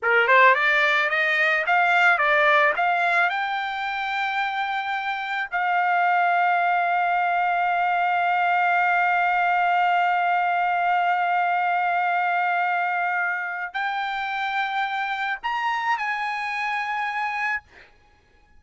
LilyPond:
\new Staff \with { instrumentName = "trumpet" } { \time 4/4 \tempo 4 = 109 ais'8 c''8 d''4 dis''4 f''4 | d''4 f''4 g''2~ | g''2 f''2~ | f''1~ |
f''1~ | f''1~ | f''4 g''2. | ais''4 gis''2. | }